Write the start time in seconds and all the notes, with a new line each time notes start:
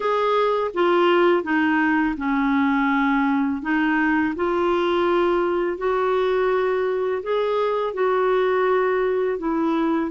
0.00 G#4
0.74 F4
1.43 D#4
2.17 C#4
3.62 D#4
4.35 F4
5.77 F#4
7.23 G#4
7.93 F#4
9.38 E4